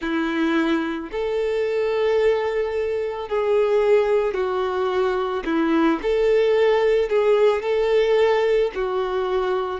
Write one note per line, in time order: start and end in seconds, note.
0.00 1.10 E4
1.12 3.28 A4
3.28 4.33 G#4
4.33 5.42 F#4
5.45 6.00 E4
6.02 7.09 A4
7.09 7.62 G#4
7.62 8.71 A4
8.74 9.80 F#4